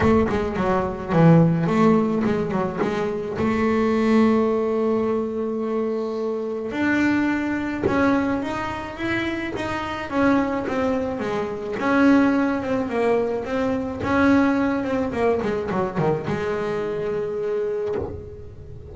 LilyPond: \new Staff \with { instrumentName = "double bass" } { \time 4/4 \tempo 4 = 107 a8 gis8 fis4 e4 a4 | gis8 fis8 gis4 a2~ | a1 | d'2 cis'4 dis'4 |
e'4 dis'4 cis'4 c'4 | gis4 cis'4. c'8 ais4 | c'4 cis'4. c'8 ais8 gis8 | fis8 dis8 gis2. | }